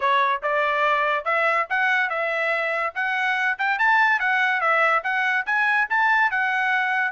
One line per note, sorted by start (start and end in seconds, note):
0.00 0.42 C#5
0.42 1.24 D5
1.24 1.66 E5
1.69 2.09 F#5
2.09 2.93 E5
2.94 3.57 F#5
3.58 3.78 G5
3.78 4.19 A5
4.19 4.60 F#5
4.60 5.02 E5
5.03 5.45 F#5
5.45 5.87 G#5
5.89 6.30 A5
6.30 7.11 F#5